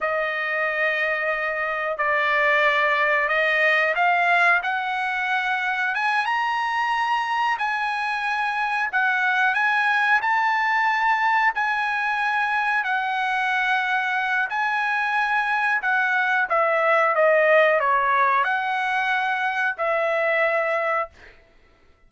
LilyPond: \new Staff \with { instrumentName = "trumpet" } { \time 4/4 \tempo 4 = 91 dis''2. d''4~ | d''4 dis''4 f''4 fis''4~ | fis''4 gis''8 ais''2 gis''8~ | gis''4. fis''4 gis''4 a''8~ |
a''4. gis''2 fis''8~ | fis''2 gis''2 | fis''4 e''4 dis''4 cis''4 | fis''2 e''2 | }